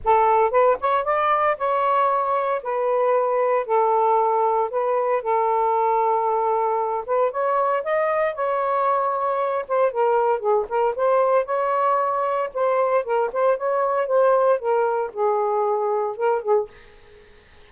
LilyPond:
\new Staff \with { instrumentName = "saxophone" } { \time 4/4 \tempo 4 = 115 a'4 b'8 cis''8 d''4 cis''4~ | cis''4 b'2 a'4~ | a'4 b'4 a'2~ | a'4. b'8 cis''4 dis''4 |
cis''2~ cis''8 c''8 ais'4 | gis'8 ais'8 c''4 cis''2 | c''4 ais'8 c''8 cis''4 c''4 | ais'4 gis'2 ais'8 gis'8 | }